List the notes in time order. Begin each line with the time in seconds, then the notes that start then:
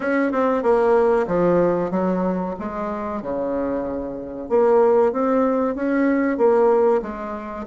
0.00 C#4
0.32 C4
0.62 A#3
1.27 F3
1.90 F#3
2.59 G#3
3.22 C#3
4.49 A#3
5.12 C4
5.75 C#4
6.37 A#3
7.02 G#3